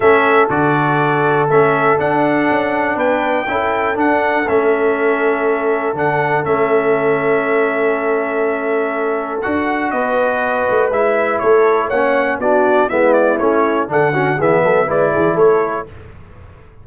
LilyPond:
<<
  \new Staff \with { instrumentName = "trumpet" } { \time 4/4 \tempo 4 = 121 e''4 d''2 e''4 | fis''2 g''2 | fis''4 e''2. | fis''4 e''2.~ |
e''2. fis''4 | dis''2 e''4 cis''4 | fis''4 d''4 e''8 d''8 cis''4 | fis''4 e''4 d''4 cis''4 | }
  \new Staff \with { instrumentName = "horn" } { \time 4/4 a'1~ | a'2 b'4 a'4~ | a'1~ | a'1~ |
a'1 | b'2. a'4 | cis''4 fis'4 e'2 | a'8 fis'8 gis'8 a'8 b'8 gis'8 a'4 | }
  \new Staff \with { instrumentName = "trombone" } { \time 4/4 cis'4 fis'2 cis'4 | d'2. e'4 | d'4 cis'2. | d'4 cis'2.~ |
cis'2. fis'4~ | fis'2 e'2 | cis'4 d'4 b4 cis'4 | d'8 cis'8 b4 e'2 | }
  \new Staff \with { instrumentName = "tuba" } { \time 4/4 a4 d2 a4 | d'4 cis'4 b4 cis'4 | d'4 a2. | d4 a2.~ |
a2. d'4 | b4. a8 gis4 a4 | ais4 b4 gis4 a4 | d4 e8 fis8 gis8 e8 a4 | }
>>